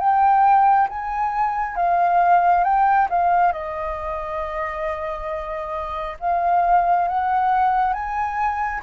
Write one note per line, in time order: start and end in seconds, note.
0.00 0.88 G5
0.89 1.76 G#5
1.76 2.64 F5
2.64 3.08 G5
3.10 3.53 F5
3.53 6.17 D#5
6.20 7.08 F5
7.08 7.93 F#5
7.93 8.82 G#5